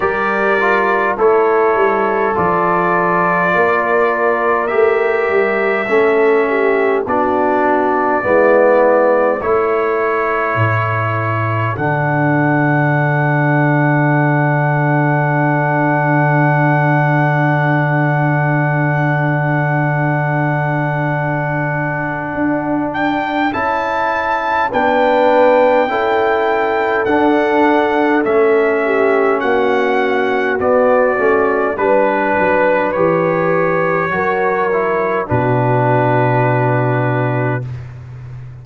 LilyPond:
<<
  \new Staff \with { instrumentName = "trumpet" } { \time 4/4 \tempo 4 = 51 d''4 cis''4 d''2 | e''2 d''2 | cis''2 fis''2~ | fis''1~ |
fis''2.~ fis''8 g''8 | a''4 g''2 fis''4 | e''4 fis''4 d''4 b'4 | cis''2 b'2 | }
  \new Staff \with { instrumentName = "horn" } { \time 4/4 ais'4 a'2 ais'4~ | ais'4 a'8 g'8 fis'4 e'4 | a'1~ | a'1~ |
a'1~ | a'4 b'4 a'2~ | a'8 g'8 fis'2 b'4~ | b'4 ais'4 fis'2 | }
  \new Staff \with { instrumentName = "trombone" } { \time 4/4 g'8 f'8 e'4 f'2 | g'4 cis'4 d'4 b4 | e'2 d'2~ | d'1~ |
d'1 | e'4 d'4 e'4 d'4 | cis'2 b8 cis'8 d'4 | g'4 fis'8 e'8 d'2 | }
  \new Staff \with { instrumentName = "tuba" } { \time 4/4 g4 a8 g8 f4 ais4 | a8 g8 a4 b4 gis4 | a4 a,4 d2~ | d1~ |
d2. d'4 | cis'4 b4 cis'4 d'4 | a4 ais4 b8 a8 g8 fis8 | e4 fis4 b,2 | }
>>